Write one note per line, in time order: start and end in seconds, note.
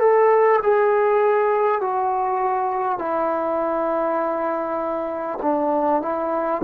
0.00 0.60 A4
0.63 1.81 G#4
1.81 2.99 F#4
2.99 5.39 E4
5.42 6.02 D4
6.02 6.62 E4